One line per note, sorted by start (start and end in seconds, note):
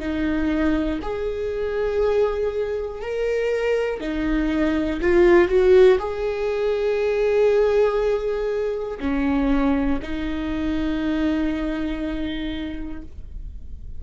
0.00 1.00 D#4
1.02 3.01 G#4
3.01 4.00 A#4
4.00 5.00 D#4
5.01 5.49 F4
5.49 5.99 F#4
5.99 8.99 G#4
9.00 10.00 C#4
10.02 13.02 D#4